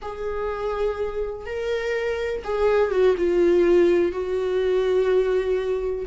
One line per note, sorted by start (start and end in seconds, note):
0.02 1.46 G#4
1.46 2.42 A#4
2.44 2.91 G#4
2.91 3.15 F#4
3.17 4.12 F4
4.12 6.05 F#4